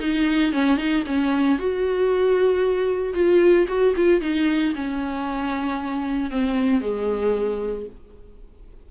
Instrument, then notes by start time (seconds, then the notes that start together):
viola
0.00 D#4
0.53 C#4
0.77 D#4
1.06 C#4
1.59 F#4
3.14 F4
3.68 F#4
3.96 F4
4.21 D#4
4.75 C#4
6.31 C4
6.81 G#3